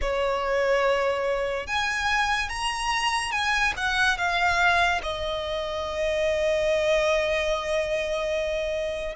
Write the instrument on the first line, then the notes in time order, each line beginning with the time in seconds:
violin
0.01 C#5
1.67 G#5
2.48 A#5
3.31 G#5
3.76 F#5
4.17 F5
5.02 D#5